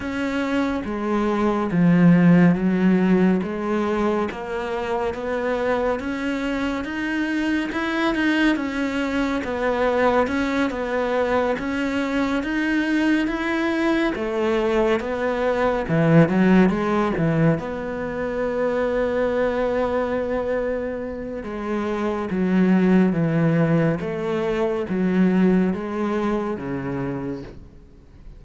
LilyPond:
\new Staff \with { instrumentName = "cello" } { \time 4/4 \tempo 4 = 70 cis'4 gis4 f4 fis4 | gis4 ais4 b4 cis'4 | dis'4 e'8 dis'8 cis'4 b4 | cis'8 b4 cis'4 dis'4 e'8~ |
e'8 a4 b4 e8 fis8 gis8 | e8 b2.~ b8~ | b4 gis4 fis4 e4 | a4 fis4 gis4 cis4 | }